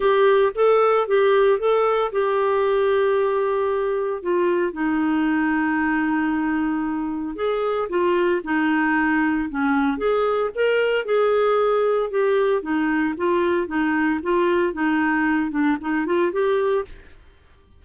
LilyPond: \new Staff \with { instrumentName = "clarinet" } { \time 4/4 \tempo 4 = 114 g'4 a'4 g'4 a'4 | g'1 | f'4 dis'2.~ | dis'2 gis'4 f'4 |
dis'2 cis'4 gis'4 | ais'4 gis'2 g'4 | dis'4 f'4 dis'4 f'4 | dis'4. d'8 dis'8 f'8 g'4 | }